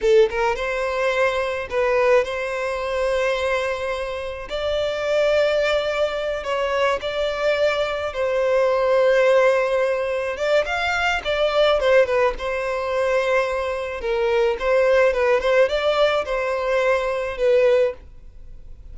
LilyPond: \new Staff \with { instrumentName = "violin" } { \time 4/4 \tempo 4 = 107 a'8 ais'8 c''2 b'4 | c''1 | d''2.~ d''8 cis''8~ | cis''8 d''2 c''4.~ |
c''2~ c''8 d''8 f''4 | d''4 c''8 b'8 c''2~ | c''4 ais'4 c''4 b'8 c''8 | d''4 c''2 b'4 | }